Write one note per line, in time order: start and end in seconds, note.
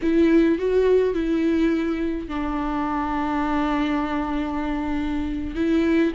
0.02 0.58 E4
0.58 1.14 F#4
1.14 2.28 E4
2.28 5.55 D4
5.55 6.12 E4